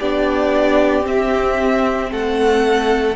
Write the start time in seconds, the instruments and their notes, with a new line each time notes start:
0.00 cello B3, viola D4, violin G4 D5
1.02 viola C4, cello C4, violin E5
2.11 cello A3, violin A4 F#5